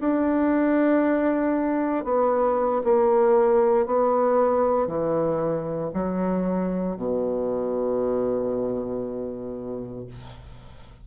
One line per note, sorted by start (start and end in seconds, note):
0.00 2.05 D4
2.05 2.82 B3
2.84 3.86 A#3
3.86 4.87 B3
4.87 5.91 E3
5.93 6.96 F#3
6.96 10.07 B2